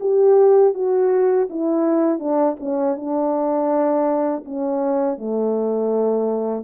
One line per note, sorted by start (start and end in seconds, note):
0.00 0.74 G4
0.74 1.48 F#4
1.49 2.20 E4
2.20 2.57 D4
2.60 2.96 C#4
2.96 4.44 D4
4.45 5.18 C#4
5.18 6.64 A3